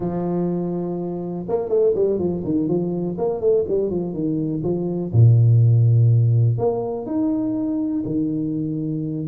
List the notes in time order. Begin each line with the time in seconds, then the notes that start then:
0.00 F3
1.48 A#3
1.69 A3
1.94 G3
2.18 F3
2.44 D#3
2.68 F3
3.18 A#3
3.40 A3
3.68 G3
3.90 F3
4.13 D#3
4.63 F3
5.12 A#2
6.58 A#3
7.06 D#4
8.05 D#3